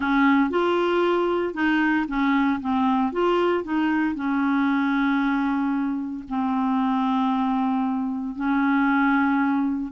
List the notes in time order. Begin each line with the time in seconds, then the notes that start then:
0.00 C#4
0.50 F4
1.54 D#4
2.08 C#4
2.60 C4
3.12 F4
3.64 D#4
4.15 C#4
6.28 C4
8.35 C#4